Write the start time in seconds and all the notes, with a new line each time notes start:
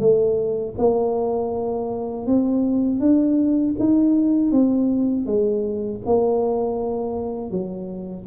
0.00 A3
0.78 A#3
2.27 C4
3.00 D4
3.79 D#4
4.52 C4
5.26 G#3
6.06 A#3
7.51 F#3